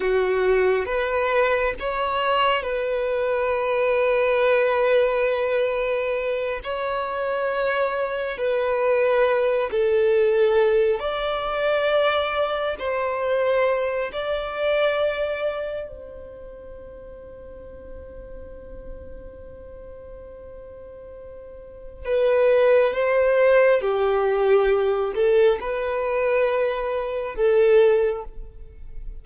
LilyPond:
\new Staff \with { instrumentName = "violin" } { \time 4/4 \tempo 4 = 68 fis'4 b'4 cis''4 b'4~ | b'2.~ b'8 cis''8~ | cis''4. b'4. a'4~ | a'8 d''2 c''4. |
d''2 c''2~ | c''1~ | c''4 b'4 c''4 g'4~ | g'8 a'8 b'2 a'4 | }